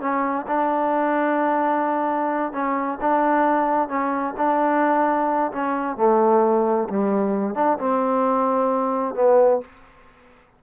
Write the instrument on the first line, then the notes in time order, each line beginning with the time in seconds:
trombone
0.00 C#4
0.47 D4
2.52 C#4
3.00 D4
3.88 C#4
4.37 D4
5.52 C#4
5.97 A3
6.89 G3
7.55 D4
7.78 C4
9.15 B3